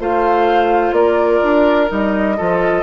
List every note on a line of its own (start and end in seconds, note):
0.00 0.92 A3
0.00 1.88 F4
0.00 0.96 C5
0.00 0.94 F5
0.92 1.40 A#3
0.92 2.37 A#4
0.92 1.89 D5
1.43 1.91 D4
1.88 2.39 G3
1.88 2.36 D#4
1.88 2.83 D#5
2.37 2.83 F3
2.37 2.83 F4
2.37 2.83 A4